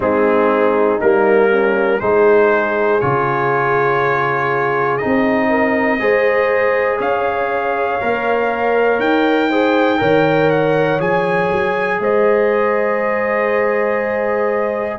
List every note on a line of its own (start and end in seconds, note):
0.00 0.98 G#3
0.00 0.99 C4
0.00 1.48 D#4
0.00 1.00 G#4
1.00 2.01 G3
1.00 2.01 A#3
1.00 2.00 A#4
1.51 1.99 C#4
1.99 3.01 G#3
1.99 3.00 D#4
1.99 5.49 G#4
1.99 3.00 C5
3.00 5.02 C#3
3.00 5.00 F4
3.00 4.97 C#5
4.97 5.99 D#4
4.97 6.97 D#5
5.05 6.00 C4
5.49 5.99 A#4
5.99 6.99 G#3
5.99 7.99 G#4
5.99 6.98 C5
6.98 7.99 C#4
6.98 9.48 C#5
6.98 9.00 F5
8.00 8.99 A#3
8.00 9.50 A#4
8.99 9.99 D#4
8.99 10.50 G5
9.49 9.98 G#4
9.49 9.99 C5
9.98 10.99 D#3
9.98 10.98 A#4
9.98 11.99 C#5
10.50 11.00 F#5
10.99 11.49 F3
10.99 14.98 G#4
10.99 12.00 G#5
11.51 11.99 F#3
11.99 14.98 G#3
11.99 14.98 C5
11.99 14.98 D#5